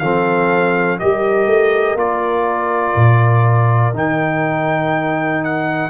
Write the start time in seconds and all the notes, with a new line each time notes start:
0.00 F3 C4 A4 F5
0.99 G3 G4 A#4 D#5
1.47 A3
1.95 A#3 F4 D5
2.95 A#2
3.93 D#3 D#4 G5
5.44 F#5